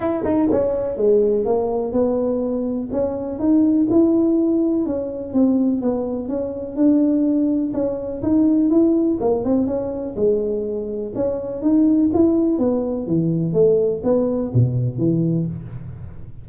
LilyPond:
\new Staff \with { instrumentName = "tuba" } { \time 4/4 \tempo 4 = 124 e'8 dis'8 cis'4 gis4 ais4 | b2 cis'4 dis'4 | e'2 cis'4 c'4 | b4 cis'4 d'2 |
cis'4 dis'4 e'4 ais8 c'8 | cis'4 gis2 cis'4 | dis'4 e'4 b4 e4 | a4 b4 b,4 e4 | }